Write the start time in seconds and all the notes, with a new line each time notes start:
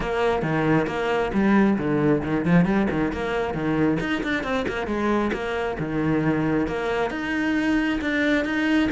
0.00 A#3
0.42 D#3
0.87 A#3
1.33 G3
1.78 D3
2.23 D#3
2.45 F3
2.65 G3
2.90 D#3
3.12 A#3
3.54 D#3
4.00 D#4
4.23 D4
4.43 C4
4.68 A#3
4.86 G#3
5.33 A#3
5.79 D#3
6.67 A#3
7.10 D#4
8.01 D4
8.44 D#4